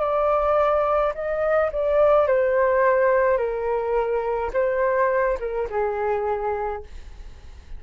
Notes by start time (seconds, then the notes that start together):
0.00 D5
1.14 D#5
1.71 D5
2.27 C5
3.38 A#4
4.53 C5
5.39 A#4
5.70 G#4